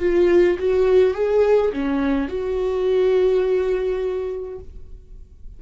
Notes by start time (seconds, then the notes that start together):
0.00 F4
0.59 F#4
1.14 G#4
1.72 C#4
2.28 F#4